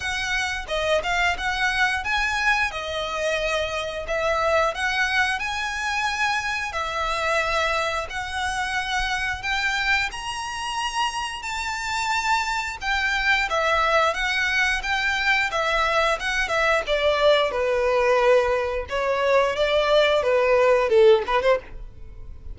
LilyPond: \new Staff \with { instrumentName = "violin" } { \time 4/4 \tempo 4 = 89 fis''4 dis''8 f''8 fis''4 gis''4 | dis''2 e''4 fis''4 | gis''2 e''2 | fis''2 g''4 ais''4~ |
ais''4 a''2 g''4 | e''4 fis''4 g''4 e''4 | fis''8 e''8 d''4 b'2 | cis''4 d''4 b'4 a'8 b'16 c''16 | }